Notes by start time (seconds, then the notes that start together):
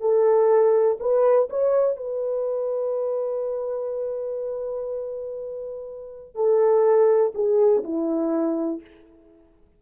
0.00 A4
1.00 B4
1.50 C#5
1.96 B4
6.35 A4
7.34 G#4
7.84 E4